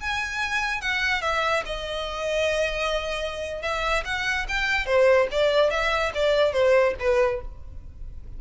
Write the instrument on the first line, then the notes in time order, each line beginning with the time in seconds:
violin
0.00 G#5
0.81 F#5
1.21 E5
1.65 D#5
3.62 E5
4.05 F#5
4.48 G5
4.86 C5
5.31 D5
5.70 E5
6.14 D5
6.52 C5
6.99 B4